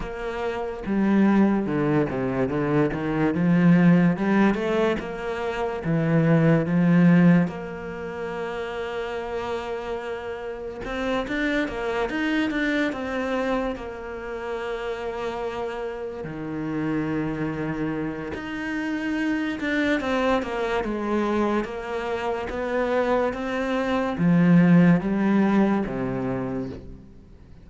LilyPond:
\new Staff \with { instrumentName = "cello" } { \time 4/4 \tempo 4 = 72 ais4 g4 d8 c8 d8 dis8 | f4 g8 a8 ais4 e4 | f4 ais2.~ | ais4 c'8 d'8 ais8 dis'8 d'8 c'8~ |
c'8 ais2. dis8~ | dis2 dis'4. d'8 | c'8 ais8 gis4 ais4 b4 | c'4 f4 g4 c4 | }